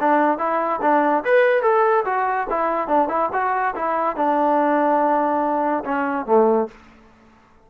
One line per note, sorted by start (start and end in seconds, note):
0.00 0.38 D4
0.38 0.80 E4
0.82 1.24 D4
1.25 1.62 B4
1.62 2.04 A4
2.05 2.47 F#4
2.50 2.88 E4
2.88 3.09 D4
3.09 3.30 E4
3.33 3.75 F#4
3.76 4.16 E4
4.16 5.84 D4
5.85 6.26 C#4
6.26 6.68 A3